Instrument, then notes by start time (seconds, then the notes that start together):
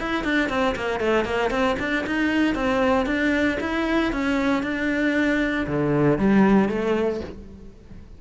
cello
0.00 E4
0.24 D4
0.50 C4
0.76 A#3
1.00 A3
1.25 A#3
1.51 C4
1.79 D4
2.07 D#4
2.55 C4
3.07 D4
3.61 E4
4.13 C#4
4.63 D4
5.67 D3
6.19 G3
6.69 A3